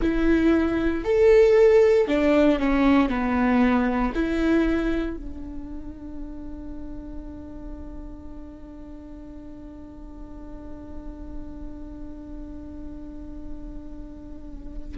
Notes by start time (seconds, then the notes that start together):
0.01 E4
1.04 A4
2.07 D4
2.59 C#4
3.09 B3
4.14 E4
5.17 D4